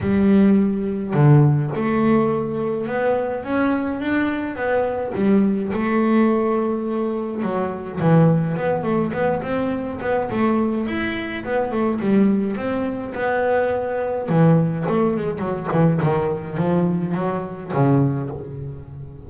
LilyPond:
\new Staff \with { instrumentName = "double bass" } { \time 4/4 \tempo 4 = 105 g2 d4 a4~ | a4 b4 cis'4 d'4 | b4 g4 a2~ | a4 fis4 e4 b8 a8 |
b8 c'4 b8 a4 e'4 | b8 a8 g4 c'4 b4~ | b4 e4 a8 gis8 fis8 e8 | dis4 f4 fis4 cis4 | }